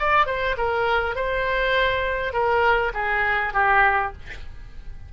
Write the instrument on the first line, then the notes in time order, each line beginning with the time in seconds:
oboe
0.00 D5
0.27 C5
0.58 A#4
1.16 C5
2.33 A#4
2.94 G#4
3.54 G4